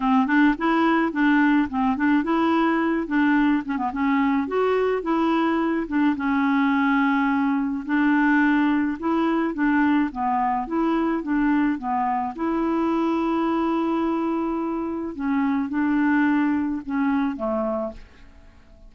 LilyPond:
\new Staff \with { instrumentName = "clarinet" } { \time 4/4 \tempo 4 = 107 c'8 d'8 e'4 d'4 c'8 d'8 | e'4. d'4 cis'16 b16 cis'4 | fis'4 e'4. d'8 cis'4~ | cis'2 d'2 |
e'4 d'4 b4 e'4 | d'4 b4 e'2~ | e'2. cis'4 | d'2 cis'4 a4 | }